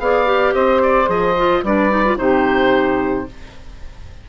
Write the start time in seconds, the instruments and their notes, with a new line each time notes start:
0.00 bassoon B3, clarinet G#4, saxophone D5, oboe F5
0.26 clarinet G4
0.54 bassoon C4, saxophone C5, oboe D#5
0.83 oboe D5
1.06 bassoon F3, clarinet G#4, oboe D#5
1.38 clarinet F4
1.63 bassoon G3, clarinet D4, saxophone B4, oboe D5
1.90 clarinet D#4
2.05 clarinet F4
2.18 bassoon C3, clarinet D#4, saxophone G4, oboe C5